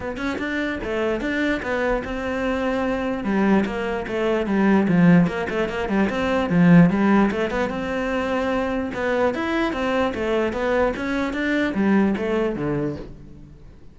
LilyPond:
\new Staff \with { instrumentName = "cello" } { \time 4/4 \tempo 4 = 148 b8 cis'8 d'4 a4 d'4 | b4 c'2. | g4 ais4 a4 g4 | f4 ais8 a8 ais8 g8 c'4 |
f4 g4 a8 b8 c'4~ | c'2 b4 e'4 | c'4 a4 b4 cis'4 | d'4 g4 a4 d4 | }